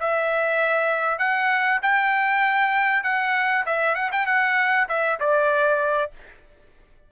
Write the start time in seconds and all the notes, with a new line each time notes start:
0.00 E5
1.19 F#5
1.83 G5
3.04 F#5
3.66 E5
3.95 F#5
4.12 G5
4.27 F#5
4.89 E5
5.20 D5